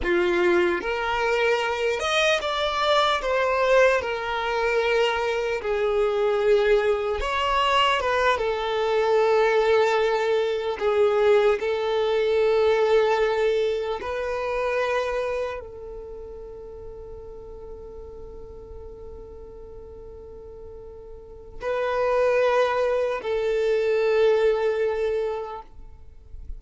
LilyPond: \new Staff \with { instrumentName = "violin" } { \time 4/4 \tempo 4 = 75 f'4 ais'4. dis''8 d''4 | c''4 ais'2 gis'4~ | gis'4 cis''4 b'8 a'4.~ | a'4. gis'4 a'4.~ |
a'4. b'2 a'8~ | a'1~ | a'2. b'4~ | b'4 a'2. | }